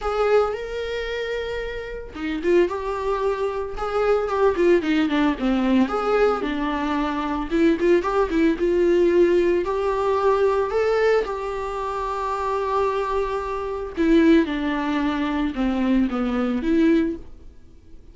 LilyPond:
\new Staff \with { instrumentName = "viola" } { \time 4/4 \tempo 4 = 112 gis'4 ais'2. | dis'8 f'8 g'2 gis'4 | g'8 f'8 dis'8 d'8 c'4 gis'4 | d'2 e'8 f'8 g'8 e'8 |
f'2 g'2 | a'4 g'2.~ | g'2 e'4 d'4~ | d'4 c'4 b4 e'4 | }